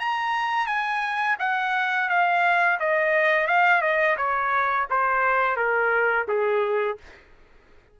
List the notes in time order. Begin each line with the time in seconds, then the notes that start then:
0.00 A#5
0.67 G#5
1.40 F#5
2.09 F5
2.80 D#5
3.48 F5
3.82 D#5
4.18 C#5
4.91 C5
5.57 A#4
6.28 G#4